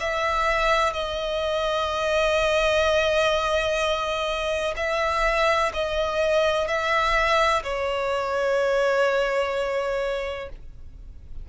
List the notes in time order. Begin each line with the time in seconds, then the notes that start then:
0.00 E5
0.93 D#5
4.76 E5
5.73 D#5
6.67 E5
7.63 C#5